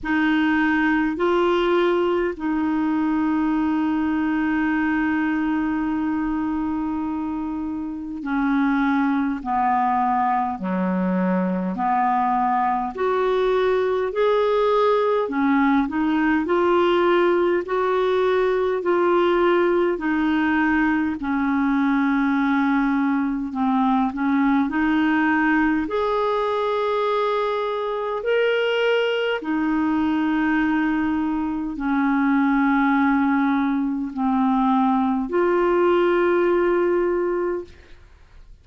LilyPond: \new Staff \with { instrumentName = "clarinet" } { \time 4/4 \tempo 4 = 51 dis'4 f'4 dis'2~ | dis'2. cis'4 | b4 fis4 b4 fis'4 | gis'4 cis'8 dis'8 f'4 fis'4 |
f'4 dis'4 cis'2 | c'8 cis'8 dis'4 gis'2 | ais'4 dis'2 cis'4~ | cis'4 c'4 f'2 | }